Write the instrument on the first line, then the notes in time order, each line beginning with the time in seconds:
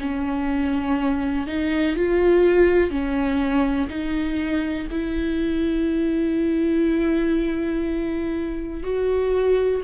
viola
0.00 C#4
1.47 D#4
1.96 F4
2.90 C#4
3.89 D#4
4.90 E4
8.83 F#4